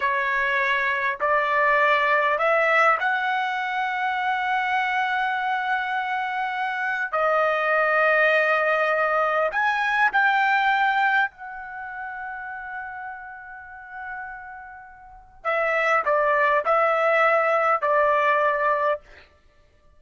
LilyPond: \new Staff \with { instrumentName = "trumpet" } { \time 4/4 \tempo 4 = 101 cis''2 d''2 | e''4 fis''2.~ | fis''1 | dis''1 |
gis''4 g''2 fis''4~ | fis''1~ | fis''2 e''4 d''4 | e''2 d''2 | }